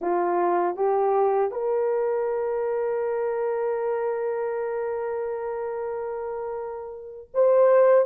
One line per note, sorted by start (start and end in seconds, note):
0.01 0.76 F4
0.76 1.51 G4
1.51 7.28 A#4
7.34 8.05 C5